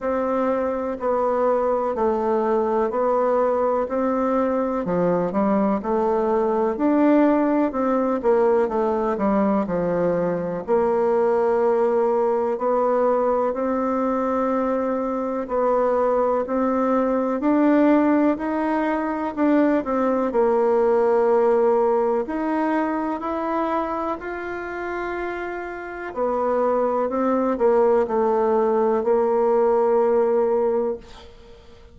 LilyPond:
\new Staff \with { instrumentName = "bassoon" } { \time 4/4 \tempo 4 = 62 c'4 b4 a4 b4 | c'4 f8 g8 a4 d'4 | c'8 ais8 a8 g8 f4 ais4~ | ais4 b4 c'2 |
b4 c'4 d'4 dis'4 | d'8 c'8 ais2 dis'4 | e'4 f'2 b4 | c'8 ais8 a4 ais2 | }